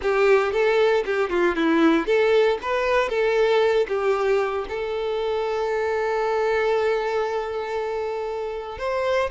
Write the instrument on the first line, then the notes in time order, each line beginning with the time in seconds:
violin
0.02 G4
0.52 A4
1.05 G4
1.29 F4
1.55 E4
2.06 A4
2.61 B4
3.09 A4
3.88 G4
4.68 A4
8.78 C5